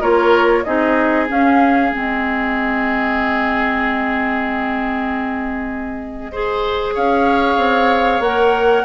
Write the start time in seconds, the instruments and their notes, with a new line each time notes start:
0.00 bassoon A#3, clarinet F4, oboe A#4, flute C#5
0.63 bassoon C4, clarinet D#4, oboe G#4, flute D#5
1.27 clarinet C#4, bassoon C#4, flute F5
1.91 bassoon G#3, clarinet C4, flute D#5
6.31 clarinet G#4, oboe C5
6.94 bassoon C#4, oboe C#5, flute F5
7.57 bassoon C4
8.19 bassoon A#3, clarinet A#4, flute F#5